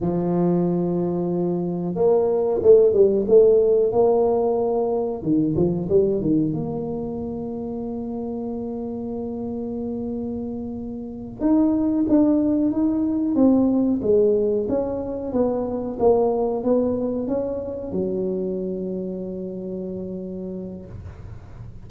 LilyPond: \new Staff \with { instrumentName = "tuba" } { \time 4/4 \tempo 4 = 92 f2. ais4 | a8 g8 a4 ais2 | dis8 f8 g8 dis8 ais2~ | ais1~ |
ais4. dis'4 d'4 dis'8~ | dis'8 c'4 gis4 cis'4 b8~ | b8 ais4 b4 cis'4 fis8~ | fis1 | }